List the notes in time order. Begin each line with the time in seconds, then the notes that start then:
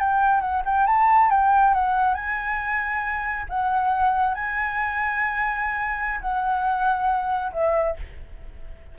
0.00 G5
0.41 F#5
0.65 G5
0.87 A5
1.30 G5
1.74 F#5
2.15 G#5
3.50 F#5
4.35 G#5
6.21 F#5
7.53 E5